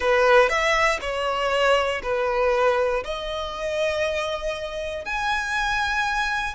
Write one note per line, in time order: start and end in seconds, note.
0.00 0.49 B4
0.49 0.99 E5
1.00 2.01 C#5
2.02 3.03 B4
3.04 5.05 D#5
5.05 6.54 G#5